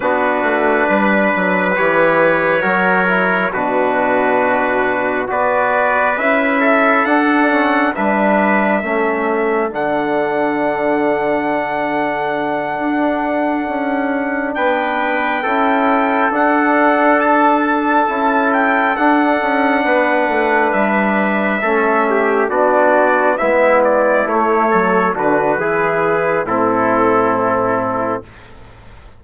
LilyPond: <<
  \new Staff \with { instrumentName = "trumpet" } { \time 4/4 \tempo 4 = 68 b'2 cis''2 | b'2 d''4 e''4 | fis''4 e''2 fis''4~ | fis''1~ |
fis''8 g''2 fis''4 a''8~ | a''4 g''8 fis''2 e''8~ | e''4. d''4 e''8 d''8 cis''8~ | cis''8 b'4. a'2 | }
  \new Staff \with { instrumentName = "trumpet" } { \time 4/4 fis'4 b'2 ais'4 | fis'2 b'4. a'8~ | a'4 b'4 a'2~ | a'1~ |
a'8 b'4 a'2~ a'8~ | a'2~ a'8 b'4.~ | b'8 a'8 g'8 fis'4 e'4. | a'8 fis'8 gis'4 e'2 | }
  \new Staff \with { instrumentName = "trombone" } { \time 4/4 d'2 g'4 fis'8 e'8 | d'2 fis'4 e'4 | d'8 cis'8 d'4 cis'4 d'4~ | d'1~ |
d'4. e'4 d'4.~ | d'8 e'4 d'2~ d'8~ | d'8 cis'4 d'4 b4 a8~ | a8 d'8 e'4 c'2 | }
  \new Staff \with { instrumentName = "bassoon" } { \time 4/4 b8 a8 g8 fis8 e4 fis4 | b,2 b4 cis'4 | d'4 g4 a4 d4~ | d2~ d8 d'4 cis'8~ |
cis'8 b4 cis'4 d'4.~ | d'8 cis'4 d'8 cis'8 b8 a8 g8~ | g8 a4 b4 gis4 a8 | fis8 d8 e4 a,2 | }
>>